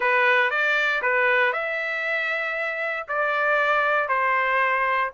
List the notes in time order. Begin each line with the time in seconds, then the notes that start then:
0.00 B4
0.50 D5
1.01 B4
1.52 E5
3.08 D5
4.08 C5